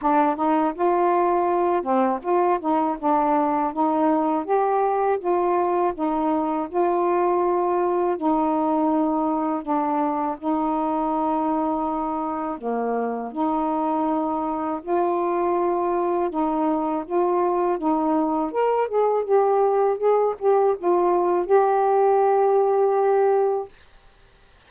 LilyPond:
\new Staff \with { instrumentName = "saxophone" } { \time 4/4 \tempo 4 = 81 d'8 dis'8 f'4. c'8 f'8 dis'8 | d'4 dis'4 g'4 f'4 | dis'4 f'2 dis'4~ | dis'4 d'4 dis'2~ |
dis'4 ais4 dis'2 | f'2 dis'4 f'4 | dis'4 ais'8 gis'8 g'4 gis'8 g'8 | f'4 g'2. | }